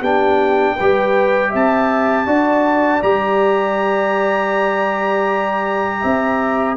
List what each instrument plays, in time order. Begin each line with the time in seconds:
0.00 tuba B3, trombone D4, horn G4, trumpet G5
0.76 tuba G3, trombone G4, horn B4
1.50 tuba C4, horn E5, trumpet A5
2.26 tuba D4, trombone F#4, horn D5
3.02 tuba G3, trombone G4, trumpet A#5
6.01 tuba C4, horn E5